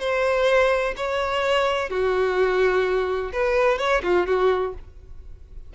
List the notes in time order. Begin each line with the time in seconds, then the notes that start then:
0.00 C5
0.97 C#5
1.90 F#4
3.33 B4
3.78 C#5
4.03 F4
4.27 F#4